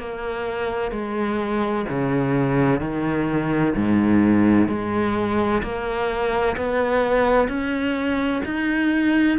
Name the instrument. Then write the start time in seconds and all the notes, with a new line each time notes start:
cello
0.00 A#3
0.92 G#3
1.90 C#3
2.81 D#3
3.76 G#2
4.69 G#3
5.63 A#3
6.57 B3
7.49 C#4
8.45 D#4